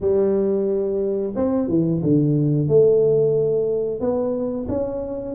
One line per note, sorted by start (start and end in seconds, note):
0.00 1.34 G3
1.35 1.68 C4
1.68 2.02 E3
2.02 2.68 D3
2.68 4.00 A3
4.00 4.67 B3
4.68 5.35 C#4